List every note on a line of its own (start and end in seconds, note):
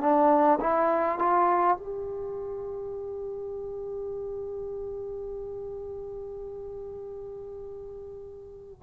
0.00 0.59 D4
0.60 1.18 E4
1.18 1.76 F4
1.76 8.82 G4